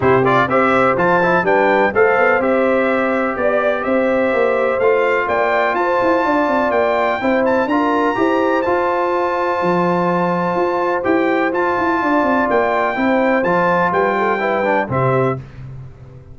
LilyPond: <<
  \new Staff \with { instrumentName = "trumpet" } { \time 4/4 \tempo 4 = 125 c''8 d''8 e''4 a''4 g''4 | f''4 e''2 d''4 | e''2 f''4 g''4 | a''2 g''4. a''8 |
ais''2 a''2~ | a''2. g''4 | a''2 g''2 | a''4 g''2 e''4 | }
  \new Staff \with { instrumentName = "horn" } { \time 4/4 g'4 c''2 b'4 | c''2. d''4 | c''2. d''4 | c''4 d''2 c''4 |
ais'4 c''2.~ | c''1~ | c''4 d''2 c''4~ | c''4 b'8 a'8 b'4 g'4 | }
  \new Staff \with { instrumentName = "trombone" } { \time 4/4 e'8 f'8 g'4 f'8 e'8 d'4 | a'4 g'2.~ | g'2 f'2~ | f'2. e'4 |
f'4 g'4 f'2~ | f'2. g'4 | f'2. e'4 | f'2 e'8 d'8 c'4 | }
  \new Staff \with { instrumentName = "tuba" } { \time 4/4 c4 c'4 f4 g4 | a8 b8 c'2 b4 | c'4 ais4 a4 ais4 | f'8 e'8 d'8 c'8 ais4 c'4 |
d'4 e'4 f'2 | f2 f'4 e'4 | f'8 e'8 d'8 c'8 ais4 c'4 | f4 g2 c4 | }
>>